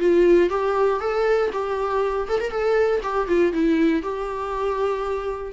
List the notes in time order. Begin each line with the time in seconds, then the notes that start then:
0.00 F4
0.50 G4
1.00 A4
1.52 G4
2.28 A4
2.41 A#4
2.50 A4
3.03 G4
3.28 F4
3.53 E4
4.03 G4